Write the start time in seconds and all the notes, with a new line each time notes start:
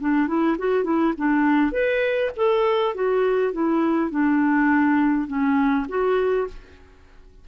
0.00 D4
0.27 E4
0.58 F#4
0.84 E4
1.17 D4
1.72 B4
2.36 A4
2.94 F#4
3.53 E4
4.10 D4
5.28 C#4
5.89 F#4